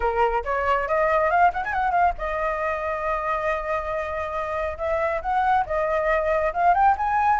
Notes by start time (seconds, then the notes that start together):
0.00 A#4
0.44 C#5
0.88 D#5
1.30 F5
1.53 F#5
1.64 G#5
1.72 F#5
1.91 F5
2.18 D#5
4.77 E5
5.21 F#5
5.65 D#5
6.53 F5
6.74 G5
6.97 G#5